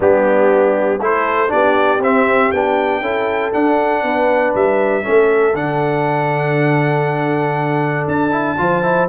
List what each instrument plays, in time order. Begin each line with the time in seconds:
0.00 tuba G3, trombone B3, horn D4, trumpet G4
0.99 tuba A3, trombone E4, horn A4, trumpet C5
1.48 tuba B3, trombone D4, horn G4, trumpet D5
1.99 tuba C4, trombone C4, trumpet E5
2.51 tuba B3, trombone D4, trumpet G5
3.00 tuba C#4, trombone E4, horn A4
3.52 trombone D4, tuba D4, trumpet F#5
4.03 tuba B3, horn B4
4.54 tuba G3, trumpet E5
5.02 tuba A3, trombone C#4, horn A4
5.53 tuba D3, trombone D4, trumpet F#5
8.07 tuba D4, trumpet A5
8.31 trombone E4
8.57 tuba F3, trombone F4, horn C5
8.82 trombone E4